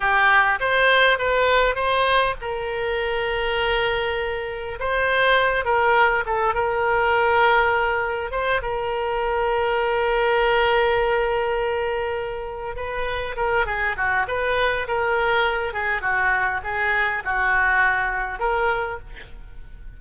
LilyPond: \new Staff \with { instrumentName = "oboe" } { \time 4/4 \tempo 4 = 101 g'4 c''4 b'4 c''4 | ais'1 | c''4. ais'4 a'8 ais'4~ | ais'2 c''8 ais'4.~ |
ais'1~ | ais'4. b'4 ais'8 gis'8 fis'8 | b'4 ais'4. gis'8 fis'4 | gis'4 fis'2 ais'4 | }